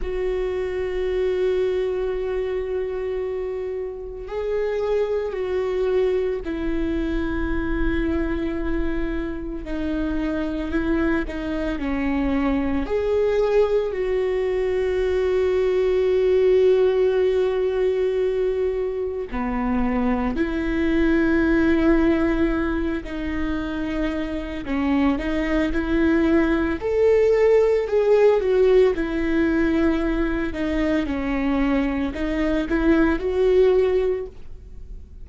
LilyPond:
\new Staff \with { instrumentName = "viola" } { \time 4/4 \tempo 4 = 56 fis'1 | gis'4 fis'4 e'2~ | e'4 dis'4 e'8 dis'8 cis'4 | gis'4 fis'2.~ |
fis'2 b4 e'4~ | e'4. dis'4. cis'8 dis'8 | e'4 a'4 gis'8 fis'8 e'4~ | e'8 dis'8 cis'4 dis'8 e'8 fis'4 | }